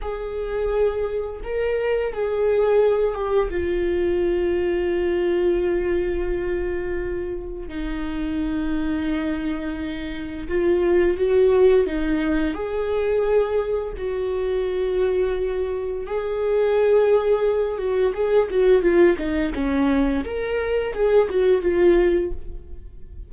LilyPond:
\new Staff \with { instrumentName = "viola" } { \time 4/4 \tempo 4 = 86 gis'2 ais'4 gis'4~ | gis'8 g'8 f'2.~ | f'2. dis'4~ | dis'2. f'4 |
fis'4 dis'4 gis'2 | fis'2. gis'4~ | gis'4. fis'8 gis'8 fis'8 f'8 dis'8 | cis'4 ais'4 gis'8 fis'8 f'4 | }